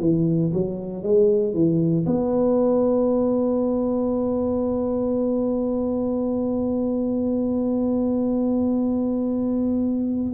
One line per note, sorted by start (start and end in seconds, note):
0.00 0.52 E3
0.53 1.03 F#3
1.03 1.54 G#3
1.54 2.05 E3
2.06 10.34 B3